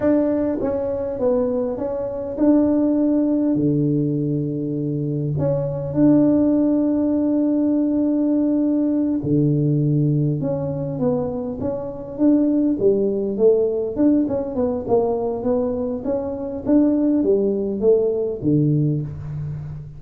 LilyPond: \new Staff \with { instrumentName = "tuba" } { \time 4/4 \tempo 4 = 101 d'4 cis'4 b4 cis'4 | d'2 d2~ | d4 cis'4 d'2~ | d'2.~ d'8 d8~ |
d4. cis'4 b4 cis'8~ | cis'8 d'4 g4 a4 d'8 | cis'8 b8 ais4 b4 cis'4 | d'4 g4 a4 d4 | }